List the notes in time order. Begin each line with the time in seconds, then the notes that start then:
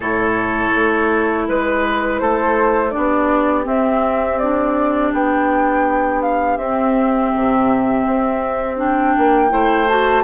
0.00 A2 E4 A4 C#5
0.75 A3
1.48 G#3 B4
2.19 A3 A4 C5
2.90 D4 G4 D5
2.96 B3
3.64 C4 E5
4.38 D4 D5
5.13 B3 G5
6.21 F5
6.57 C4 E5
7.34 C3
8.06 C4
8.76 D4 G5
9.17 A#3
9.49 A3 E4 C5
9.88 F#4 A5